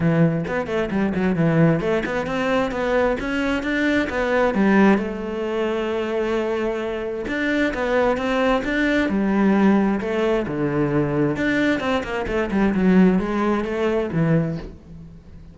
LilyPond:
\new Staff \with { instrumentName = "cello" } { \time 4/4 \tempo 4 = 132 e4 b8 a8 g8 fis8 e4 | a8 b8 c'4 b4 cis'4 | d'4 b4 g4 a4~ | a1 |
d'4 b4 c'4 d'4 | g2 a4 d4~ | d4 d'4 c'8 ais8 a8 g8 | fis4 gis4 a4 e4 | }